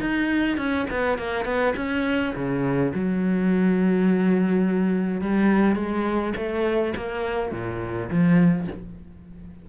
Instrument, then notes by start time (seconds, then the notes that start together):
cello
0.00 D#4
0.57 C#4
0.90 B3
1.18 A#3
1.45 B3
1.76 C#4
2.35 C#3
2.94 F#3
5.21 G3
5.75 G#3
6.36 A3
6.96 A#3
7.51 A#2
8.10 F3